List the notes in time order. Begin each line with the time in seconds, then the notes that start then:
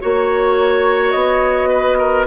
0.00 A#3 F#4 C#5
1.11 B3 D#5
1.69 B4
1.98 A#4